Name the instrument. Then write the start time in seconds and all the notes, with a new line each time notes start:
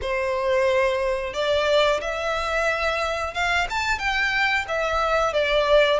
violin
0.01 C5
1.33 D5
2.00 E5
3.34 F5
3.69 A5
3.98 G5
4.68 E5
5.33 D5